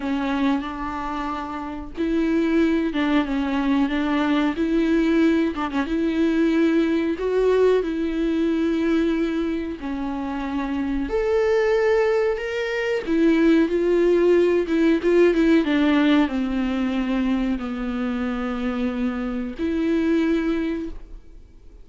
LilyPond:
\new Staff \with { instrumentName = "viola" } { \time 4/4 \tempo 4 = 92 cis'4 d'2 e'4~ | e'8 d'8 cis'4 d'4 e'4~ | e'8 d'16 cis'16 e'2 fis'4 | e'2. cis'4~ |
cis'4 a'2 ais'4 | e'4 f'4. e'8 f'8 e'8 | d'4 c'2 b4~ | b2 e'2 | }